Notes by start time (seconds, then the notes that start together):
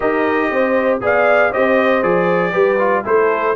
0.00 D#4 G4 A#4 D#5
0.50 C4 C5
1.01 B3 G#4 D5 F5
1.51 C4 G4 C5 D#5
2.02 F3 G#4 D5
2.51 G3 G4 B4
2.78 F4
3.04 A3 E4 A4 C5